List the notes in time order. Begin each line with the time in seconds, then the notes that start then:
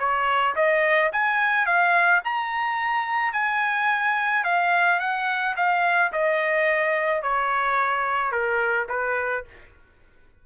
0.00 C#5
0.56 D#5
1.13 G#5
1.66 F5
2.25 A#5
3.34 G#5
4.45 F5
5.00 F#5
5.57 F5
6.13 D#5
7.23 C#5
8.32 A#4
8.89 B4